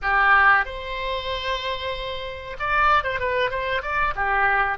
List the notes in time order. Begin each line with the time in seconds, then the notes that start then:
0.02 G4
0.65 C5
2.59 D5
3.03 C5
3.19 B4
3.50 C5
3.82 D5
4.15 G4